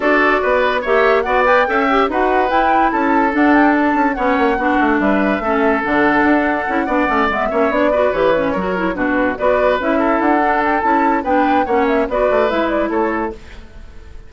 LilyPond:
<<
  \new Staff \with { instrumentName = "flute" } { \time 4/4 \tempo 4 = 144 d''2 e''4 fis''8 g''8~ | g''4 fis''4 g''4 a''4 | fis''8 g''8 a''4 fis''2 | e''2 fis''2~ |
fis''4. e''4 d''4 cis''8~ | cis''4. b'4 d''4 e''8~ | e''8 fis''4 g''8 a''4 g''4 | fis''8 e''8 d''4 e''8 d''8 cis''4 | }
  \new Staff \with { instrumentName = "oboe" } { \time 4/4 a'4 b'4 cis''4 d''4 | e''4 b'2 a'4~ | a'2 cis''4 fis'4 | b'4 a'2.~ |
a'8 d''4. cis''4 b'4~ | b'8 ais'4 fis'4 b'4. | a'2. b'4 | cis''4 b'2 a'4 | }
  \new Staff \with { instrumentName = "clarinet" } { \time 4/4 fis'2 g'4 fis'8 b'8 | a'8 g'8 fis'4 e'2 | d'2 cis'4 d'4~ | d'4 cis'4 d'2 |
e'8 d'8 cis'8 b8 cis'8 d'8 fis'8 g'8 | cis'8 fis'8 e'8 d'4 fis'4 e'8~ | e'4 d'4 e'4 d'4 | cis'4 fis'4 e'2 | }
  \new Staff \with { instrumentName = "bassoon" } { \time 4/4 d'4 b4 ais4 b4 | cis'4 dis'4 e'4 cis'4 | d'4. cis'8 b8 ais8 b8 a8 | g4 a4 d4 d'4 |
cis'8 b8 a8 gis8 ais8 b4 e8~ | e8 fis4 b,4 b4 cis'8~ | cis'8 d'4. cis'4 b4 | ais4 b8 a8 gis4 a4 | }
>>